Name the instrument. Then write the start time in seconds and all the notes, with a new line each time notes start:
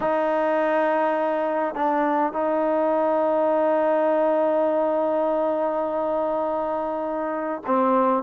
trombone
0.00 D#4
1.74 D4
2.32 D#4
7.66 C4